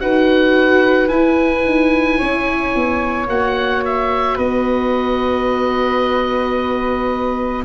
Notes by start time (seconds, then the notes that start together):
0.00 D#4 F#4 B4 F#5
1.08 E4 G#5
1.65 D#4
2.18 C#4 C#5
2.75 B3
3.27 A#3 F#4 F#5
3.85 E5
4.35 B3 B4 D#5